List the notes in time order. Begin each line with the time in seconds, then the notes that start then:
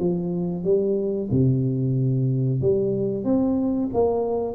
0.00 F3
0.65 G3
1.32 C3
2.62 G3
3.25 C4
3.94 A#3